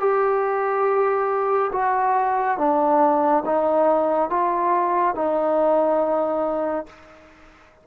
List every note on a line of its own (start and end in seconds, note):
0.00 1.71 G4
1.73 2.58 F#4
2.58 3.44 D4
3.46 4.30 D#4
4.30 5.15 F4
5.15 6.86 D#4